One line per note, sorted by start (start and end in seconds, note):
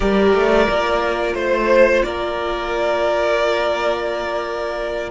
0.00 0.33 G3
0.00 0.68 G4
0.00 1.37 A#4
0.00 1.34 D5
0.33 0.67 A3
0.68 1.34 A#3
0.68 5.11 F4
1.34 2.02 A3
1.34 2.02 C5
1.34 2.05 C5
2.03 5.11 A#3
2.03 5.11 A#4
2.03 5.09 D5